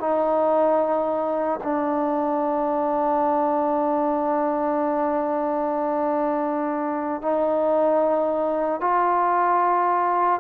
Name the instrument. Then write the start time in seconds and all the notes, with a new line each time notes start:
trombone
0.00 D#4
1.64 D4
7.22 D#4
8.81 F4